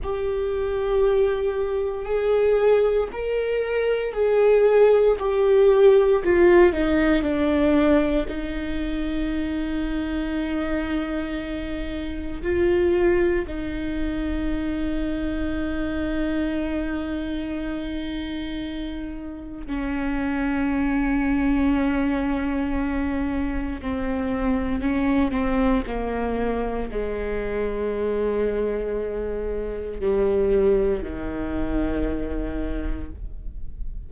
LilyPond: \new Staff \with { instrumentName = "viola" } { \time 4/4 \tempo 4 = 58 g'2 gis'4 ais'4 | gis'4 g'4 f'8 dis'8 d'4 | dis'1 | f'4 dis'2.~ |
dis'2. cis'4~ | cis'2. c'4 | cis'8 c'8 ais4 gis2~ | gis4 g4 dis2 | }